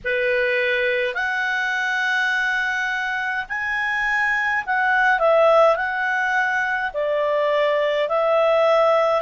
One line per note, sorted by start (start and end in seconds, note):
0.04 1.14 B4
1.14 3.45 F#5
3.49 4.64 G#5
4.66 5.19 F#5
5.19 5.75 E5
5.75 6.91 F#5
6.93 8.08 D5
8.08 9.22 E5